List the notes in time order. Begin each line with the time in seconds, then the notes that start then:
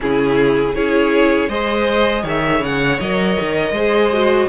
0.00 C#3 C#4 E4 G#4
0.74 C#4 E4 G#4 C#5
1.48 G#3 G#4 C5 D#5
2.22 D#3 C#5
2.28 E5
2.60 C#3 F#5
2.99 F#3 A#4 D#5
3.39 D#3
3.71 G#3 G#4 C5
4.12 F#4